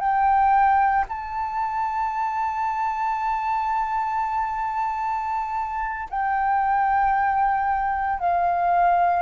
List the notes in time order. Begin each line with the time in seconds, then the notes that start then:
0.00 G5
1.09 A5
6.10 G5
8.20 F5